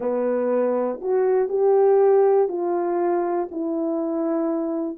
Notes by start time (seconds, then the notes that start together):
0.00 B3
1.01 F#4
1.49 G4
2.48 F4
3.51 E4